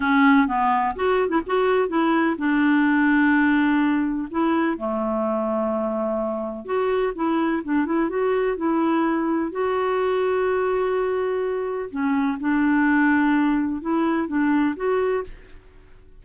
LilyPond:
\new Staff \with { instrumentName = "clarinet" } { \time 4/4 \tempo 4 = 126 cis'4 b4 fis'8. e'16 fis'4 | e'4 d'2.~ | d'4 e'4 a2~ | a2 fis'4 e'4 |
d'8 e'8 fis'4 e'2 | fis'1~ | fis'4 cis'4 d'2~ | d'4 e'4 d'4 fis'4 | }